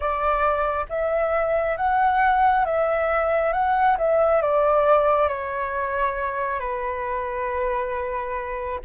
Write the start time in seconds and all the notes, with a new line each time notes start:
0.00 D5
0.89 E5
1.76 F#5
2.65 E5
3.53 F#5
3.97 E5
4.41 D5
5.28 C#5
6.59 B4